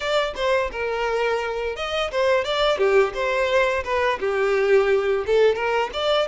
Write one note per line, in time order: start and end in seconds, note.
0.00 0.34 D5
0.35 0.70 C5
0.71 1.75 A#4
1.75 2.10 D#5
2.11 2.44 C5
2.44 2.78 D5
2.78 3.13 G4
3.14 3.83 C5
3.84 4.19 B4
4.20 5.25 G4
5.26 5.55 A4
5.55 5.90 A#4
5.93 6.27 D5